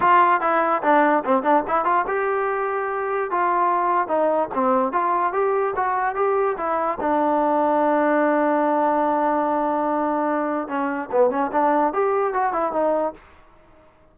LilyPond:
\new Staff \with { instrumentName = "trombone" } { \time 4/4 \tempo 4 = 146 f'4 e'4 d'4 c'8 d'8 | e'8 f'8 g'2. | f'2 dis'4 c'4 | f'4 g'4 fis'4 g'4 |
e'4 d'2.~ | d'1~ | d'2 cis'4 b8 cis'8 | d'4 g'4 fis'8 e'8 dis'4 | }